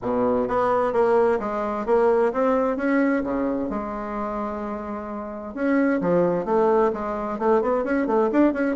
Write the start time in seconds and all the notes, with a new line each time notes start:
0.01 B2
0.48 B3
0.92 A#3
1.39 G#3
1.86 A#3
2.32 C4
2.76 C#4
3.23 C#3
3.69 G#3
5.54 C#4
6.01 F3
6.45 A3
6.93 G#3
7.38 A3
7.61 B3
7.84 C#4
8.06 A3
8.31 D4
8.53 C#4